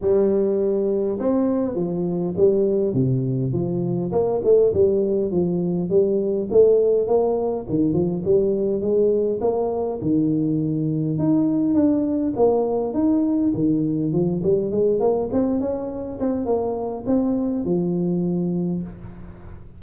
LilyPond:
\new Staff \with { instrumentName = "tuba" } { \time 4/4 \tempo 4 = 102 g2 c'4 f4 | g4 c4 f4 ais8 a8 | g4 f4 g4 a4 | ais4 dis8 f8 g4 gis4 |
ais4 dis2 dis'4 | d'4 ais4 dis'4 dis4 | f8 g8 gis8 ais8 c'8 cis'4 c'8 | ais4 c'4 f2 | }